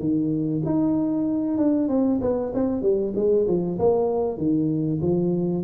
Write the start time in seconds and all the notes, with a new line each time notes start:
0.00 D#3
0.66 D#4
1.58 D4
1.89 C4
2.22 B3
2.55 C4
2.82 G3
3.16 G#3
3.47 F3
3.80 A#3
4.38 D#3
5.02 F3